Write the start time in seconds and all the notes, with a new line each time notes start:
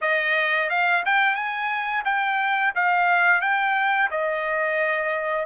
0.01 D#5
0.69 F5
1.05 G5
1.35 G#5
2.05 G5
2.75 F5
3.41 G5
4.11 D#5